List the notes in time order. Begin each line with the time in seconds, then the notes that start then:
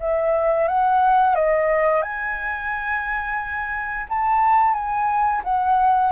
0.00 E5
0.68 F#5
1.35 D#5
2.02 G#5
4.09 A5
4.74 G#5
5.44 F#5